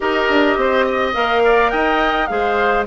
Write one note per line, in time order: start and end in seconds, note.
0.00 0.29 D#4
0.00 1.13 G4
0.00 0.57 A#4
0.00 1.14 D#5
0.29 0.57 D4
0.57 1.14 C4
0.57 0.85 C5
0.85 1.42 D#5
1.13 1.72 A#3
1.13 2.28 A#4
1.13 1.70 F5
1.44 1.71 D5
1.70 2.29 D#4
1.70 2.28 D#5
1.70 2.26 G5
2.26 2.86 G#3
2.26 2.85 G#4
2.26 2.86 C5
2.26 2.83 F5